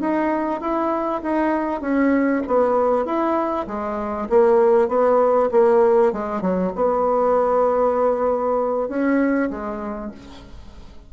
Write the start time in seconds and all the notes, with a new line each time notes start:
0.00 D#4
0.60 E4
1.22 D#4
1.81 C#4
2.47 B3
3.05 E4
3.67 G#3
4.29 A#3
4.88 B3
5.51 A#3
6.12 G#3
6.41 F#3
6.75 B3
8.88 C#4
9.50 G#3